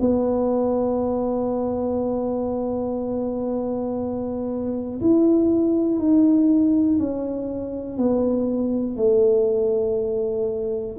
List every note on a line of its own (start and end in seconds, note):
0.00 5.00 B3
5.00 5.98 E4
5.98 6.98 D#4
6.99 7.97 C#4
7.97 8.96 B3
8.96 10.96 A3